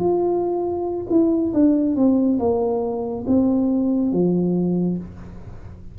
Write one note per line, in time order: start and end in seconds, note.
0.00 1.07 F4
1.10 1.53 E4
1.54 1.96 D4
1.96 2.39 C4
2.40 3.25 A#3
3.28 4.13 C4
4.13 4.98 F3